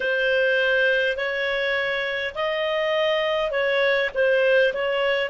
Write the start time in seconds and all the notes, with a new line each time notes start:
0.00 C5
1.17 C#5
2.35 D#5
3.51 C#5
4.14 C5
4.73 C#5